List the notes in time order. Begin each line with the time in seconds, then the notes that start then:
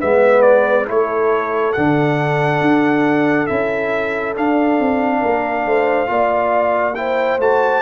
0.00 G#3 B3 B4 E5
0.42 D5
0.87 A3 E4 A4 C#5
1.73 D3 D4 F#5
2.61 D4
3.47 C#4 E4 E5
4.36 D4 F5
4.80 C4
5.20 A#3 A#4
5.66 A3 C5
6.07 A#3 F4 D5
6.96 E4 C5 G5
7.40 A3 F#4 A5